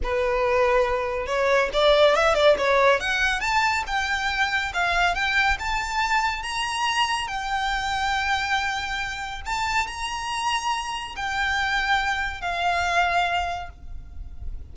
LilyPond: \new Staff \with { instrumentName = "violin" } { \time 4/4 \tempo 4 = 140 b'2. cis''4 | d''4 e''8 d''8 cis''4 fis''4 | a''4 g''2 f''4 | g''4 a''2 ais''4~ |
ais''4 g''2.~ | g''2 a''4 ais''4~ | ais''2 g''2~ | g''4 f''2. | }